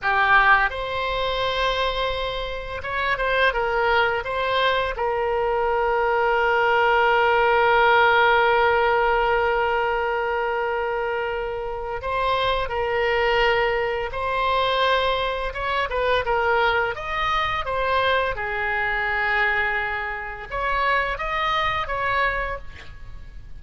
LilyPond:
\new Staff \with { instrumentName = "oboe" } { \time 4/4 \tempo 4 = 85 g'4 c''2. | cis''8 c''8 ais'4 c''4 ais'4~ | ais'1~ | ais'1~ |
ais'4 c''4 ais'2 | c''2 cis''8 b'8 ais'4 | dis''4 c''4 gis'2~ | gis'4 cis''4 dis''4 cis''4 | }